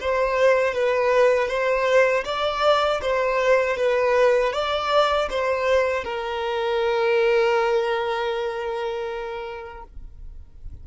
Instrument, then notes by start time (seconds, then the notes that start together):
violin
0.00 C5
0.74 B4
1.48 C5
2.25 D5
3.01 C5
3.77 B4
4.53 D5
5.30 C5
6.04 A#4